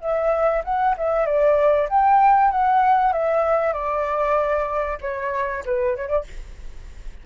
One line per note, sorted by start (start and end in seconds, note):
0.00 0.62 E5
0.64 0.95 F#5
0.97 1.25 E5
1.25 1.88 D5
1.88 2.51 G5
2.51 3.12 F#5
3.12 3.73 E5
3.73 4.98 D5
5.01 5.63 C#5
5.65 5.96 B4
5.96 6.08 C#5
6.08 6.23 D5